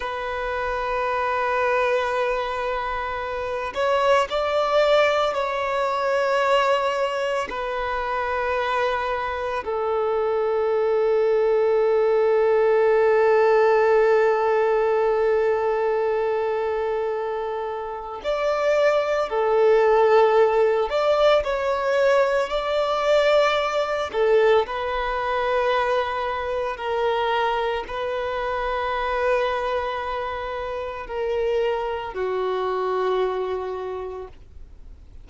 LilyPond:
\new Staff \with { instrumentName = "violin" } { \time 4/4 \tempo 4 = 56 b'2.~ b'8 cis''8 | d''4 cis''2 b'4~ | b'4 a'2.~ | a'1~ |
a'4 d''4 a'4. d''8 | cis''4 d''4. a'8 b'4~ | b'4 ais'4 b'2~ | b'4 ais'4 fis'2 | }